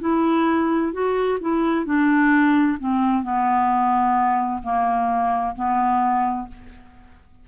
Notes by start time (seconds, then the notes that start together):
0.00 E4
0.92 F#4
1.40 E4
1.85 D4
2.79 C4
3.23 B3
4.62 A#3
5.55 B3